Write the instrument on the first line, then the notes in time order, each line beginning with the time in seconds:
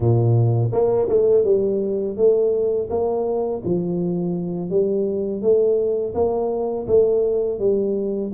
tuba
0.00 A#2
0.72 A#3
1.08 A3
1.44 G3
2.16 A3
2.89 A#3
3.64 F3
4.70 G3
5.42 A3
6.14 A#3
6.87 A3
7.59 G3